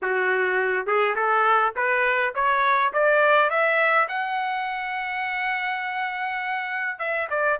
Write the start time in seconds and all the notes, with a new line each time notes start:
0.02 F#4
0.86 G#4
1.15 A4
1.76 B4
2.34 C#5
2.93 D5
3.50 E5
4.08 F#5
6.98 E5
7.29 D5